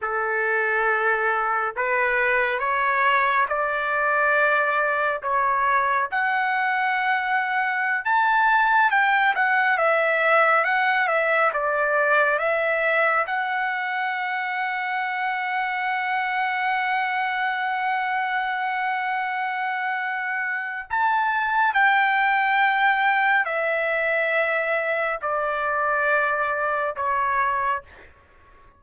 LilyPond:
\new Staff \with { instrumentName = "trumpet" } { \time 4/4 \tempo 4 = 69 a'2 b'4 cis''4 | d''2 cis''4 fis''4~ | fis''4~ fis''16 a''4 g''8 fis''8 e''8.~ | e''16 fis''8 e''8 d''4 e''4 fis''8.~ |
fis''1~ | fis''1 | a''4 g''2 e''4~ | e''4 d''2 cis''4 | }